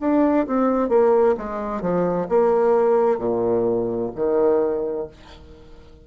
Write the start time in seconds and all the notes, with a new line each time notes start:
0.00 D4
0.47 C4
0.89 A#3
1.37 G#3
1.81 F3
2.29 A#3
3.18 A#2
4.15 D#3